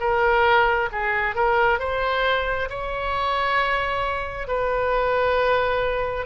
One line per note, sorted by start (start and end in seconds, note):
0.00 0.90 A#4
0.92 1.35 G#4
1.35 1.79 A#4
1.79 2.69 C5
2.70 4.48 C#5
4.48 6.26 B4